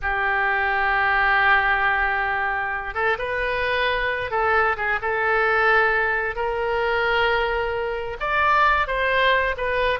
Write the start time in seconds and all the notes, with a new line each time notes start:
0.01 G4
2.94 A4
3.18 B4
4.30 A4
4.76 G#4
5.01 A4
6.35 A#4
8.20 D5
8.87 C5
9.57 B4